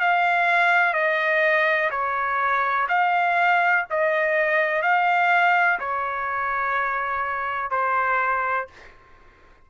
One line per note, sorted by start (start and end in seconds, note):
0.00 0.93 F5
0.93 1.90 D#5
1.90 2.87 C#5
2.89 3.85 F5
3.90 4.82 D#5
4.82 5.79 F5
5.79 7.71 C#5
7.71 8.67 C5